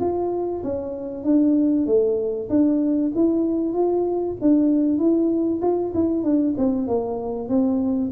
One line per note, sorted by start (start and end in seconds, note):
0.00 0.62 F4
0.64 1.24 C#4
1.24 1.87 D4
1.87 2.49 A3
2.50 3.12 D4
3.15 3.74 E4
3.74 4.36 F4
4.41 4.99 D4
4.99 5.61 E4
5.62 5.93 F4
5.94 6.24 E4
6.24 6.55 D4
6.57 6.88 C4
6.88 7.49 A#3
7.49 8.12 C4